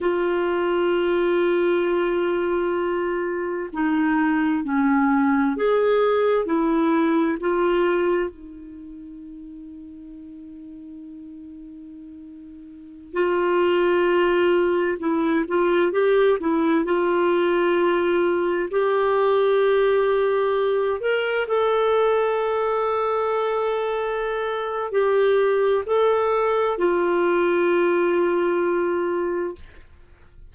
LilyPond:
\new Staff \with { instrumentName = "clarinet" } { \time 4/4 \tempo 4 = 65 f'1 | dis'4 cis'4 gis'4 e'4 | f'4 dis'2.~ | dis'2~ dis'16 f'4.~ f'16~ |
f'16 e'8 f'8 g'8 e'8 f'4.~ f'16~ | f'16 g'2~ g'8 ais'8 a'8.~ | a'2. g'4 | a'4 f'2. | }